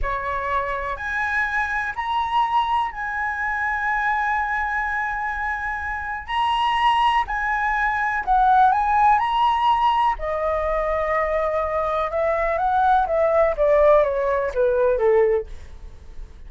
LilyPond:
\new Staff \with { instrumentName = "flute" } { \time 4/4 \tempo 4 = 124 cis''2 gis''2 | ais''2 gis''2~ | gis''1~ | gis''4 ais''2 gis''4~ |
gis''4 fis''4 gis''4 ais''4~ | ais''4 dis''2.~ | dis''4 e''4 fis''4 e''4 | d''4 cis''4 b'4 a'4 | }